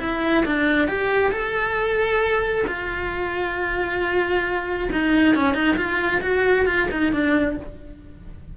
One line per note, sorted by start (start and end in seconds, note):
0.00 0.44 E4
0.46 0.88 D4
0.88 1.32 G4
1.32 2.65 A4
2.67 4.89 F4
4.93 5.36 D#4
5.36 5.54 C#4
5.54 5.77 D#4
5.77 6.21 F4
6.22 6.66 F#4
6.66 6.88 F4
6.92 7.13 D#4
7.13 7.58 D4